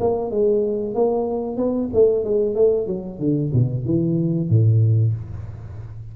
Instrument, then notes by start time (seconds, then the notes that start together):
tuba
0.00 A#3
0.31 G#3
0.94 A#3
1.57 B3
1.94 A3
2.25 G#3
2.55 A3
2.87 F#3
3.19 D3
3.53 B2
3.85 E3
4.49 A2